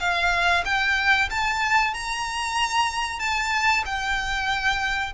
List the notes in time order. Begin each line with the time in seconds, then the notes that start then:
0.00 F5
0.65 G5
1.30 A5
1.94 A#5
3.20 A5
3.86 G5